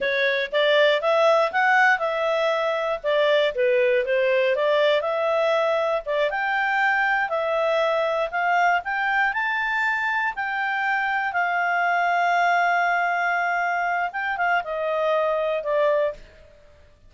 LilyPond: \new Staff \with { instrumentName = "clarinet" } { \time 4/4 \tempo 4 = 119 cis''4 d''4 e''4 fis''4 | e''2 d''4 b'4 | c''4 d''4 e''2 | d''8 g''2 e''4.~ |
e''8 f''4 g''4 a''4.~ | a''8 g''2 f''4.~ | f''1 | g''8 f''8 dis''2 d''4 | }